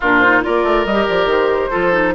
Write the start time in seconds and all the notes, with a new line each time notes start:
0.00 A#2 D4 F4 A#4
0.19 D#4 C5
0.42 A#3 F4 A#4 D5
0.63 A3
0.85 G3 G4 D#5
1.08 F3 D5
1.25 D#3 C5
1.70 F3 F4 A4
1.92 D#4